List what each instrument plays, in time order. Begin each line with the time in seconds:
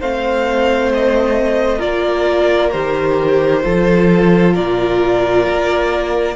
0.00 cello A3, viola C4, violin C5 F5
0.94 violin D#5
1.79 cello A#3, viola F4, violin A#4 D5
2.72 cello D#3, viola G4, violin C5
3.64 cello F3, viola F4, violin A4
4.54 cello A#2, violin A#4 D5
5.49 cello A#3